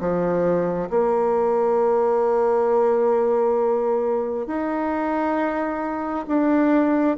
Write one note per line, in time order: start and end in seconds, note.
0.00 0.90 F3
0.90 4.47 A#3
4.47 6.26 D#4
6.27 7.17 D4